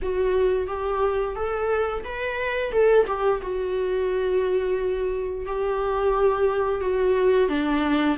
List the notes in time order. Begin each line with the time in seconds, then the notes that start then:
0.02 F#4
0.67 G4
1.35 A4
2.04 B4
2.72 A4
3.07 G4
3.42 F#4
5.46 G4
6.80 F#4
7.48 D4